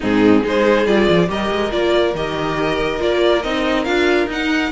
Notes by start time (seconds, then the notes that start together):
0.00 G#2 C4 D#4 G#4
0.43 G#3 D#4 G#4 C5
0.86 G3 F4 D5
1.10 F3
1.27 G3 G4 A#4 D#5
1.51 G#3
1.71 A#3 F4 D5
2.14 D#3 G4 D#5
2.99 A#3 F4 D5
3.42 C4 D#4 D#5
3.84 D4 F4 F5
4.26 D#4 F#5